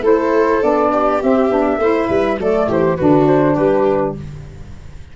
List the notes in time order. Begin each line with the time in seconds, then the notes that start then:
0.00 A3 E4 A4 C5
0.61 B3 D4 D5
0.91 G4
1.21 C4 E5
1.49 B3 D4
1.77 A3 E4 C5
2.08 G3 B4
2.37 F#3 A3 A4 D5
2.67 E3 G4 C5
2.96 D3 D4 F#4 B4
3.27 C5
3.53 G3 G4 B4